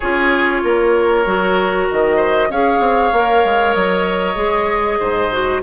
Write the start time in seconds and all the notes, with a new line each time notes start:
0.00 C#4 F4 G#4 C#5
0.63 A#3 A#4
1.25 F#3 F#4
1.90 D#3 D#5
2.16 C5
2.49 C#4 G#4 C#5 F5
2.79 C4
3.12 A#3 A#4
3.44 G#3
3.74 F#3 D#5
4.35 G#3 G#4
4.99 G#2 C5
5.32 F#4